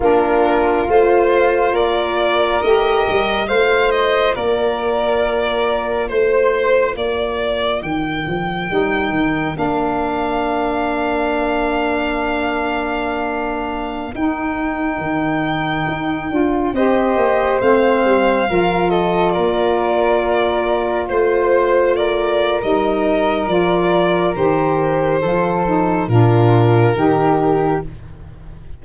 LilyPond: <<
  \new Staff \with { instrumentName = "violin" } { \time 4/4 \tempo 4 = 69 ais'4 c''4 d''4 dis''4 | f''8 dis''8 d''2 c''4 | d''4 g''2 f''4~ | f''1~ |
f''16 g''2. dis''8.~ | dis''16 f''4. dis''8 d''4.~ d''16~ | d''16 c''4 d''8. dis''4 d''4 | c''2 ais'2 | }
  \new Staff \with { instrumentName = "flute" } { \time 4/4 f'2 ais'2 | c''4 ais'2 c''4 | ais'1~ | ais'1~ |
ais'2.~ ais'16 c''8.~ | c''4~ c''16 ais'8 a'8 ais'4.~ ais'16~ | ais'16 c''4 ais'2~ ais'8.~ | ais'4 a'4 f'4 g'4 | }
  \new Staff \with { instrumentName = "saxophone" } { \time 4/4 d'4 f'2 g'4 | f'1~ | f'2 dis'4 d'4~ | d'1~ |
d'16 dis'2~ dis'8 f'8 g'8.~ | g'16 c'4 f'2~ f'8.~ | f'2 dis'4 f'4 | g'4 f'8 dis'8 d'4 dis'4 | }
  \new Staff \with { instrumentName = "tuba" } { \time 4/4 ais4 a4 ais4 a8 g8 | a4 ais2 a4 | ais4 dis8 f8 g8 dis8 ais4~ | ais1~ |
ais16 dis'4 dis4 dis'8 d'8 c'8 ais16~ | ais16 a8 g8 f4 ais4.~ ais16~ | ais16 a4.~ a16 g4 f4 | dis4 f4 ais,4 dis4 | }
>>